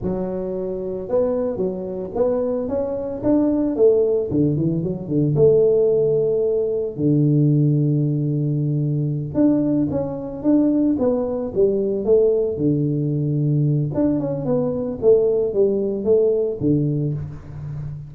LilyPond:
\new Staff \with { instrumentName = "tuba" } { \time 4/4 \tempo 4 = 112 fis2 b4 fis4 | b4 cis'4 d'4 a4 | d8 e8 fis8 d8 a2~ | a4 d2.~ |
d4. d'4 cis'4 d'8~ | d'8 b4 g4 a4 d8~ | d2 d'8 cis'8 b4 | a4 g4 a4 d4 | }